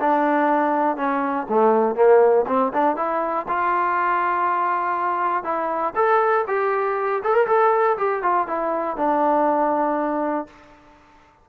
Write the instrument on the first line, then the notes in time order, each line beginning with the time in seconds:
trombone
0.00 D4
0.96 C#4
1.49 A3
1.95 A#3
2.47 C4
2.73 D4
2.96 E4
3.48 F4
5.43 E4
5.95 A4
6.47 G4
7.23 A4
7.34 A#4
7.47 A4
7.97 G4
8.22 F4
8.47 E4
8.97 D4